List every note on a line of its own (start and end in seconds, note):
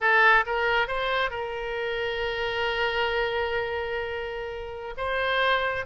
0.00 0.45 A4
0.46 0.87 A#4
0.87 1.30 C5
1.30 4.94 A#4
4.97 5.85 C5